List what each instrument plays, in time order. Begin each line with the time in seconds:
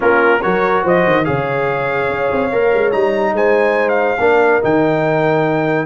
0.00 tuba A#3, trombone C#4, horn F4, trumpet A#4
0.42 tuba F#3, trombone F#4, horn A#4, trumpet C#5
0.82 tuba F3, horn C5, trumpet D#5
1.06 tuba D#3
1.24 tuba C#3, trombone G#4, horn C#5, trumpet F5
2.09 tuba C#4
2.31 tuba C4
2.52 tuba A#3, trombone A#4
2.74 tuba G#3
2.92 tuba G3, trombone D#4, trumpet A#5
3.32 tuba G#3, horn C5, trumpet G#5
3.88 trumpet F5
4.19 tuba A#3, trombone D4, horn A#4
4.61 tuba D#3, trombone D#4, trumpet G5